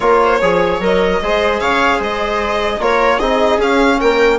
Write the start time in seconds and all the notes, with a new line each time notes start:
0.00 A#3 F4 A#4 C#5
0.23 C5
0.41 F3 G#4 C#5
0.79 F#3 A#4 D#5
1.22 G#3 G#4 C5
1.60 C#3 C#5 F5
1.97 G#3 C5 D#5
2.79 A#3 F4 A#4 C#5
3.17 C4 D#4 G#4 D#5
3.57 C#4 F5
4.00 A#3 A#4 G5